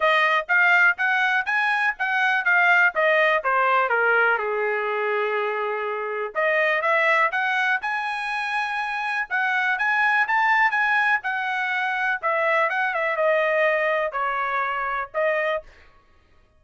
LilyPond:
\new Staff \with { instrumentName = "trumpet" } { \time 4/4 \tempo 4 = 123 dis''4 f''4 fis''4 gis''4 | fis''4 f''4 dis''4 c''4 | ais'4 gis'2.~ | gis'4 dis''4 e''4 fis''4 |
gis''2. fis''4 | gis''4 a''4 gis''4 fis''4~ | fis''4 e''4 fis''8 e''8 dis''4~ | dis''4 cis''2 dis''4 | }